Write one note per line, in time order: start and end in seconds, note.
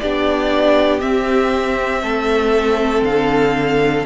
0.00 1.03 B3
0.00 1.00 D4
0.00 2.03 G4
0.00 1.01 D5
1.00 4.06 C4
1.00 2.03 C4
1.00 3.04 E5
2.03 3.02 A3
2.03 4.06 A4
3.02 4.04 D3
3.02 4.06 F5